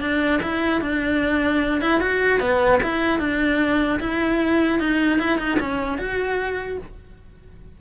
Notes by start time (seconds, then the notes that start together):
0.00 D4
0.42 E4
0.81 D4
1.81 E4
2.00 F#4
2.40 B3
2.82 E4
3.19 D4
3.99 E4
4.79 D#4
5.19 E4
5.38 D#4
5.59 C#4
5.98 F#4